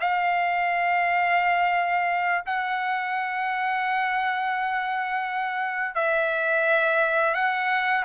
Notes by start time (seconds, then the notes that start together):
0.00 F5
2.45 F#5
5.95 E5
7.34 F#5